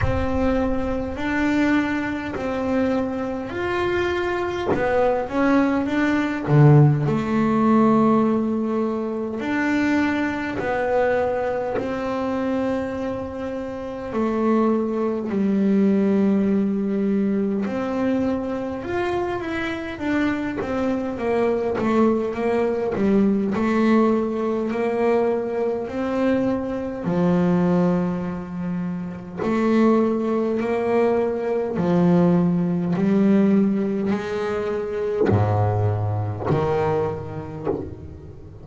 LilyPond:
\new Staff \with { instrumentName = "double bass" } { \time 4/4 \tempo 4 = 51 c'4 d'4 c'4 f'4 | b8 cis'8 d'8 d8 a2 | d'4 b4 c'2 | a4 g2 c'4 |
f'8 e'8 d'8 c'8 ais8 a8 ais8 g8 | a4 ais4 c'4 f4~ | f4 a4 ais4 f4 | g4 gis4 gis,4 dis4 | }